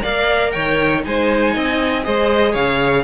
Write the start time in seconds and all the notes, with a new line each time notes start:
0.00 A#3 A#4 D5 F5
0.51 D#3 C#5 G5
1.03 G#3 D#4 C5 G#5
1.54 C4 D#5
2.03 G#3 G#4 C5 D#5
2.51 C#3 C#5 F5